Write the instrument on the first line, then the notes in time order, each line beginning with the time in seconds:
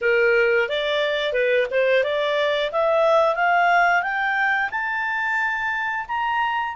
clarinet
0.01 A#4
0.68 D5
1.32 B4
1.70 C5
2.03 D5
2.72 E5
3.35 F5
4.02 G5
4.70 A5
6.08 A#5